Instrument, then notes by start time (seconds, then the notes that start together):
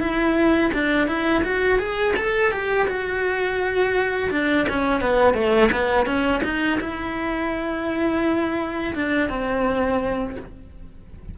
cello
0.00 E4
0.74 D4
1.07 E4
1.44 F#4
1.79 G#4
2.16 A4
2.52 G4
2.87 F#4
4.31 D4
4.69 C#4
5.01 B3
5.34 A3
5.72 B3
6.06 C#4
6.43 D#4
6.80 E4
8.95 D4
9.29 C4